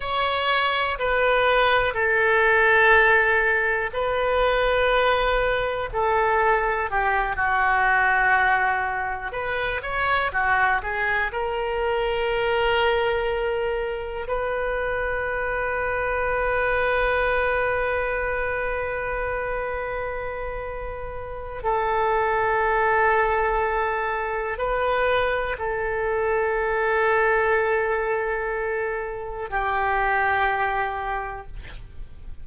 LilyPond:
\new Staff \with { instrumentName = "oboe" } { \time 4/4 \tempo 4 = 61 cis''4 b'4 a'2 | b'2 a'4 g'8 fis'8~ | fis'4. b'8 cis''8 fis'8 gis'8 ais'8~ | ais'2~ ais'8 b'4.~ |
b'1~ | b'2 a'2~ | a'4 b'4 a'2~ | a'2 g'2 | }